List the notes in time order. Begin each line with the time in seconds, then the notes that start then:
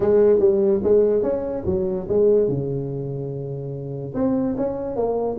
0.00 G#3
0.39 G3
0.83 G#3
1.22 C#4
1.65 F#3
2.08 G#3
2.48 C#3
4.14 C4
4.57 C#4
4.95 A#3